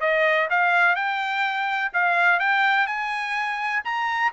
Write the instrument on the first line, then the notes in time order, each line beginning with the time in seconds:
trumpet
0.00 D#5
0.49 F5
0.95 G5
1.93 F5
2.39 G5
2.87 G#5
3.84 A#5